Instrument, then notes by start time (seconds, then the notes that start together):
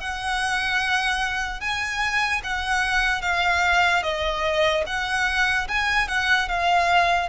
violin
0.00 F#5
1.60 G#5
2.44 F#5
3.22 F5
4.03 D#5
4.86 F#5
5.68 G#5
6.08 F#5
6.48 F5